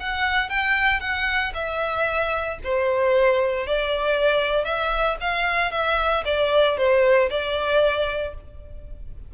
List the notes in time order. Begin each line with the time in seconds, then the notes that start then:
0.00 F#5
0.50 G5
1.01 F#5
1.55 E5
2.64 C5
3.67 D5
4.65 E5
5.21 F5
5.72 E5
6.25 D5
6.78 C5
7.30 D5